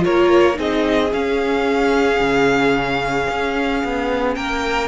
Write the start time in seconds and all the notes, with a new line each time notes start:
0.00 F4 A#4 C#5
0.07 A#3
0.55 C4 D#4 G#4 D#5
1.13 C#4 F5
2.20 C#3
3.29 C#4
3.84 B3
4.35 A#3 A#4 G5